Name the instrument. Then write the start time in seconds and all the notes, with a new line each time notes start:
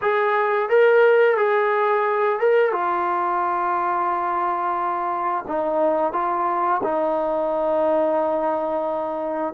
trombone
0.01 G#4
0.69 A#4
1.37 G#4
2.39 A#4
2.71 F4
5.47 D#4
6.12 F4
6.83 D#4